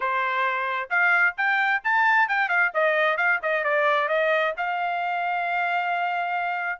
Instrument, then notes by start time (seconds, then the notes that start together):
trumpet
0.00 C5
0.89 F5
1.37 G5
1.83 A5
2.28 G5
2.49 F5
2.74 D#5
3.17 F5
3.42 D#5
3.64 D5
4.08 D#5
4.57 F5